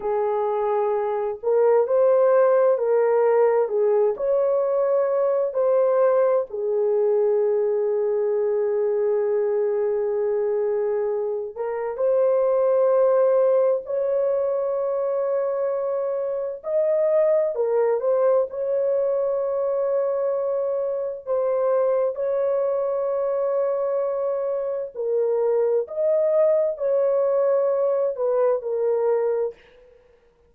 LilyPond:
\new Staff \with { instrumentName = "horn" } { \time 4/4 \tempo 4 = 65 gis'4. ais'8 c''4 ais'4 | gis'8 cis''4. c''4 gis'4~ | gis'1~ | gis'8 ais'8 c''2 cis''4~ |
cis''2 dis''4 ais'8 c''8 | cis''2. c''4 | cis''2. ais'4 | dis''4 cis''4. b'8 ais'4 | }